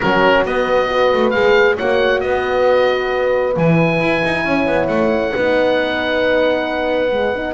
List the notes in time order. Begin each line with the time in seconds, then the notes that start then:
0.00 F#3 C#4 F#4 A#4
0.45 B3 D#5
0.88 F#4 B4
1.13 A3
1.30 G#3 G#4 F5
1.76 A#3 F#4 C#5 F#5
2.20 B3 B4 D#5
3.56 E3 E4 G#5
4.00 E4
4.24 D#4
4.44 C#4 C#5
4.66 B3
4.87 A3 F#5
5.34 B3 D#4 B4
7.11 G#3
7.35 D#4